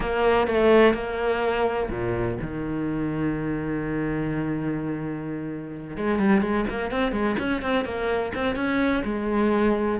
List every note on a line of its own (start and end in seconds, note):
0.00 0.47 A#3
0.47 0.94 A3
0.94 1.89 A#3
1.90 2.37 A#2
2.41 5.97 D#3
5.97 6.18 G#3
6.18 6.41 G3
6.41 6.65 G#3
6.69 6.91 A#3
6.91 7.12 C4
7.12 7.35 G#3
7.38 7.61 C#4
7.61 7.84 C4
7.84 8.32 A#3
8.34 8.55 C4
8.55 9.03 C#4
9.04 9.99 G#3